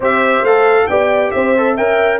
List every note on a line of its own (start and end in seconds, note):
0.00 0.42 C4
0.00 0.45 G4
0.00 0.86 C5
0.00 0.44 E5
0.42 0.86 A3
0.42 0.90 A4
0.42 0.87 F5
0.87 1.33 B3
0.87 1.56 G4
0.87 1.33 D5
0.87 1.31 G5
1.31 1.78 C4
1.31 1.74 C5
1.31 1.75 E5
1.57 1.78 A4
1.74 2.20 C#4
1.74 2.20 A#4
1.74 2.18 E5
1.74 2.20 G5